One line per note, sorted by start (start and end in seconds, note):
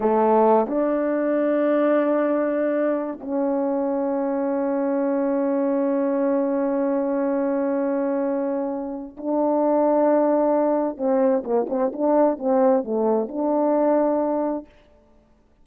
0.00 0.67 A3
0.67 3.19 D4
3.21 9.16 C#4
9.17 10.97 D4
10.97 11.43 C4
11.44 11.66 A#3
11.69 11.91 C4
11.92 12.38 D4
12.38 12.84 C4
12.84 13.28 A3
13.28 14.65 D4